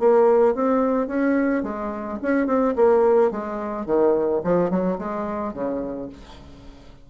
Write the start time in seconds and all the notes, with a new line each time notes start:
0.00 A#3
0.55 C4
1.08 C#4
1.64 G#3
2.22 C#4
2.47 C4
2.76 A#3
3.32 G#3
3.86 D#3
4.44 F3
4.70 F#3
4.98 G#3
5.54 C#3